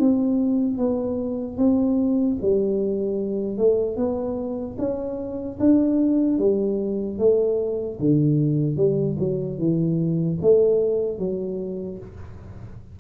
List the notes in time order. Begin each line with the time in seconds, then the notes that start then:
0.00 C4
0.78 B3
1.58 C4
2.42 G3
3.58 A3
3.97 B3
4.79 C#4
5.60 D4
6.39 G3
7.19 A3
8.00 D3
8.77 G3
9.19 F#3
9.59 E3
10.42 A3
11.19 F#3